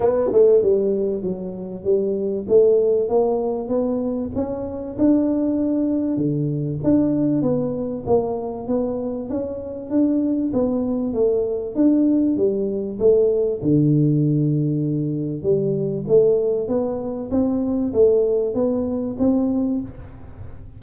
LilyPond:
\new Staff \with { instrumentName = "tuba" } { \time 4/4 \tempo 4 = 97 b8 a8 g4 fis4 g4 | a4 ais4 b4 cis'4 | d'2 d4 d'4 | b4 ais4 b4 cis'4 |
d'4 b4 a4 d'4 | g4 a4 d2~ | d4 g4 a4 b4 | c'4 a4 b4 c'4 | }